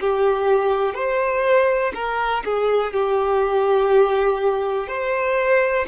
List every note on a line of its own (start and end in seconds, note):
0.00 0.94 G4
0.94 1.92 C5
1.94 2.43 A#4
2.45 2.92 G#4
2.92 4.88 G4
4.88 5.86 C5